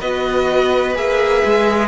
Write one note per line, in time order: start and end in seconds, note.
0.00 0.96 B3
0.00 0.95 F#4
0.00 1.88 B4
0.00 0.96 D#5
0.95 1.43 A#3
0.95 1.88 G#4
0.95 1.88 E5
1.45 1.88 G#3